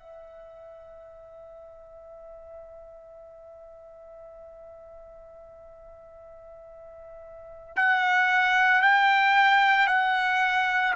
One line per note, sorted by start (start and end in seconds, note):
0.00 7.76 E5
7.76 8.82 F#5
8.82 9.87 G5
9.87 10.94 F#5